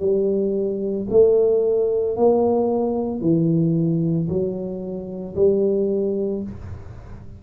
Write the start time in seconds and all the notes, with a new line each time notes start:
0.00 G3
1.11 A3
2.17 A#3
3.21 E3
4.29 F#3
5.36 G3